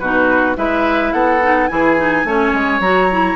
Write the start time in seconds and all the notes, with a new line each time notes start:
0.00 B2 D#4 F#4 B4
0.57 G#3 E4 B4 E5
1.13 B3 A4 F#5
1.43 D#4
1.68 E3 E4 G#4 G#5
1.98 D#4
2.25 A3 C#4 C#5
2.54 G#3
2.80 F#3 F#4 A#5
3.11 E4